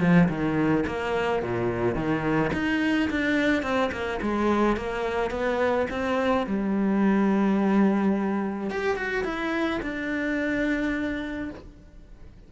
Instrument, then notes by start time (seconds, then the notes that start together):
cello
0.00 F3
0.29 D#3
0.87 A#3
1.42 A#2
1.95 D#3
2.53 D#4
3.10 D4
3.63 C4
3.92 A#3
4.22 G#3
4.76 A#3
5.30 B3
5.90 C4
6.47 G3
8.70 G4
8.97 F#4
9.24 E4
9.82 D4